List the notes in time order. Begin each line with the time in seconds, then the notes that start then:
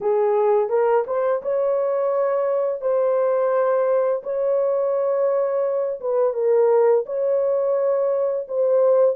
0.01 G#4
0.69 A#4
1.07 C5
1.42 C#5
2.81 C5
4.23 C#5
6.00 B4
6.33 A#4
7.06 C#5
8.48 C5